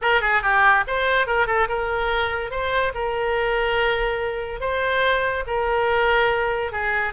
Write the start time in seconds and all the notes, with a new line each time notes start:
0.01 A#4
0.21 G#4
0.42 G4
0.87 C5
1.27 A#4
1.46 A4
1.68 A#4
2.50 C5
2.94 A#4
4.60 C5
5.47 A#4
6.72 G#4